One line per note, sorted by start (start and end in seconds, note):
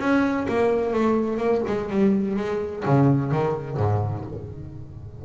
0.00 0.47 C#4
0.49 0.94 A#3
0.94 1.38 A3
1.38 1.62 A#3
1.67 1.90 G#3
1.90 2.37 G3
2.37 2.84 G#3
2.85 3.32 C#3
3.32 3.78 D#3
3.78 4.25 G#2